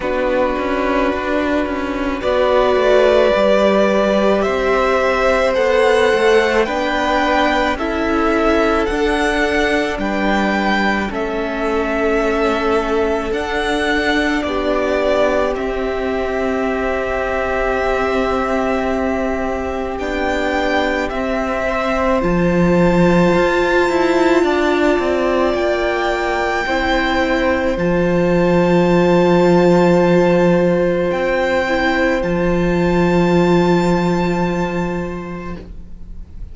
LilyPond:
<<
  \new Staff \with { instrumentName = "violin" } { \time 4/4 \tempo 4 = 54 b'2 d''2 | e''4 fis''4 g''4 e''4 | fis''4 g''4 e''2 | fis''4 d''4 e''2~ |
e''2 g''4 e''4 | a''2. g''4~ | g''4 a''2. | g''4 a''2. | }
  \new Staff \with { instrumentName = "violin" } { \time 4/4 fis'2 b'2 | c''2 b'4 a'4~ | a'4 b'4 a'2~ | a'4 g'2.~ |
g'2.~ g'8 c''8~ | c''2 d''2 | c''1~ | c''1 | }
  \new Staff \with { instrumentName = "viola" } { \time 4/4 d'2 fis'4 g'4~ | g'4 a'4 d'4 e'4 | d'2 cis'2 | d'2 c'2~ |
c'2 d'4 c'4 | f'1 | e'4 f'2.~ | f'8 e'8 f'2. | }
  \new Staff \with { instrumentName = "cello" } { \time 4/4 b8 cis'8 d'8 cis'8 b8 a8 g4 | c'4 b8 a8 b4 cis'4 | d'4 g4 a2 | d'4 b4 c'2~ |
c'2 b4 c'4 | f4 f'8 e'8 d'8 c'8 ais4 | c'4 f2. | c'4 f2. | }
>>